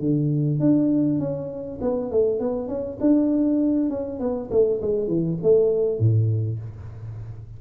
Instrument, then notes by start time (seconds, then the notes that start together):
tuba
0.00 D3
0.60 D4
1.20 C#4
1.81 B3
2.12 A3
2.40 B3
2.68 C#4
3.01 D4
3.90 C#4
4.20 B3
4.51 A3
4.82 G#3
5.08 E3
5.43 A3
5.99 A2